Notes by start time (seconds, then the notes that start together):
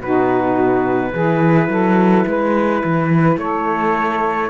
0.00 B2 D#4 F#4 B4
1.12 E3 E4 G#4
1.68 F#3 A4
2.26 G#3 B4
2.84 E3
3.37 A3 A4 C#5